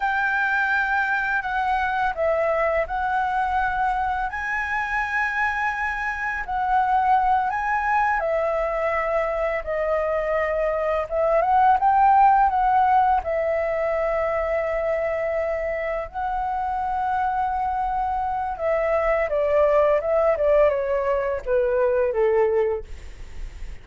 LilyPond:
\new Staff \with { instrumentName = "flute" } { \time 4/4 \tempo 4 = 84 g''2 fis''4 e''4 | fis''2 gis''2~ | gis''4 fis''4. gis''4 e''8~ | e''4. dis''2 e''8 |
fis''8 g''4 fis''4 e''4.~ | e''2~ e''8 fis''4.~ | fis''2 e''4 d''4 | e''8 d''8 cis''4 b'4 a'4 | }